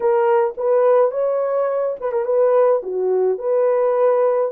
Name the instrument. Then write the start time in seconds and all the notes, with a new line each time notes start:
horn
0.00 A#4
0.57 B4
1.11 C#5
2.00 B4
2.12 A#4
2.25 B4
2.83 F#4
3.38 B4